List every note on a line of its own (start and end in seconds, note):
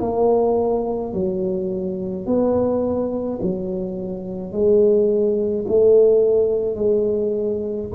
0.00 1.13 A#3
1.13 2.26 F#3
2.26 3.39 B3
3.42 4.52 F#3
4.52 5.65 G#3
5.68 6.75 A3
6.75 7.88 G#3